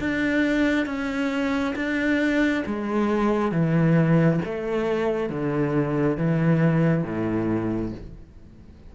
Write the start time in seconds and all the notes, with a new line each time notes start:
0.00 D4
0.86 C#4
1.76 D4
2.66 G#3
3.52 E3
4.45 A3
5.30 D3
6.17 E3
7.04 A2